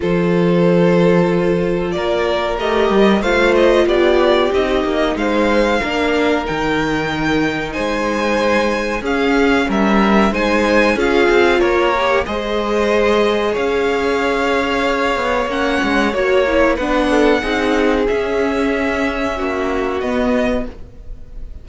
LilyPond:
<<
  \new Staff \with { instrumentName = "violin" } { \time 4/4 \tempo 4 = 93 c''2. d''4 | dis''4 f''8 dis''8 d''4 dis''4 | f''2 g''2 | gis''2 f''4 e''4 |
gis''4 f''4 cis''4 dis''4~ | dis''4 f''2. | fis''4 cis''4 fis''2 | e''2. dis''4 | }
  \new Staff \with { instrumentName = "violin" } { \time 4/4 a'2. ais'4~ | ais'4 c''4 g'2 | c''4 ais'2. | c''2 gis'4 ais'4 |
c''4 gis'4 ais'4 c''4~ | c''4 cis''2.~ | cis''2 b'8 a'8 gis'4~ | gis'2 fis'2 | }
  \new Staff \with { instrumentName = "viola" } { \time 4/4 f'1 | g'4 f'2 dis'4~ | dis'4 d'4 dis'2~ | dis'2 cis'2 |
dis'4 f'4. g'8 gis'4~ | gis'1 | cis'4 fis'8 e'8 d'4 dis'4 | cis'2. b4 | }
  \new Staff \with { instrumentName = "cello" } { \time 4/4 f2. ais4 | a8 g8 a4 b4 c'8 ais8 | gis4 ais4 dis2 | gis2 cis'4 g4 |
gis4 cis'8 c'8 ais4 gis4~ | gis4 cis'2~ cis'8 b8 | ais8 gis8 ais4 b4 c'4 | cis'2 ais4 b4 | }
>>